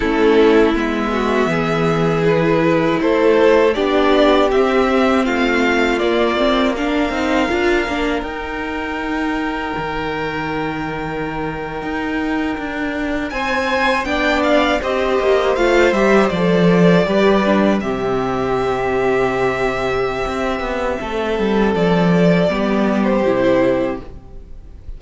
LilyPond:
<<
  \new Staff \with { instrumentName = "violin" } { \time 4/4 \tempo 4 = 80 a'4 e''2 b'4 | c''4 d''4 e''4 f''4 | d''4 f''2 g''4~ | g''1~ |
g''4.~ g''16 gis''4 g''8 f''8 dis''16~ | dis''8. f''8 e''8 d''2 e''16~ | e''1~ | e''4 d''4.~ d''16 c''4~ c''16 | }
  \new Staff \with { instrumentName = "violin" } { \time 4/4 e'4. fis'8 gis'2 | a'4 g'2 f'4~ | f'4 ais'2.~ | ais'1~ |
ais'4.~ ais'16 c''4 d''4 c''16~ | c''2~ c''8. b'4 g'16~ | g'1 | a'2 g'2 | }
  \new Staff \with { instrumentName = "viola" } { \time 4/4 cis'4 b2 e'4~ | e'4 d'4 c'2 | ais8 c'8 d'8 dis'8 f'8 d'8 dis'4~ | dis'1~ |
dis'2~ dis'8. d'4 g'16~ | g'8. f'8 g'8 a'4 g'8 d'8 c'16~ | c'1~ | c'2 b4 e'4 | }
  \new Staff \with { instrumentName = "cello" } { \time 4/4 a4 gis4 e2 | a4 b4 c'4 a4 | ais4. c'8 d'8 ais8 dis'4~ | dis'4 dis2~ dis8. dis'16~ |
dis'8. d'4 c'4 b4 c'16~ | c'16 ais8 a8 g8 f4 g4 c16~ | c2. c'8 b8 | a8 g8 f4 g4 c4 | }
>>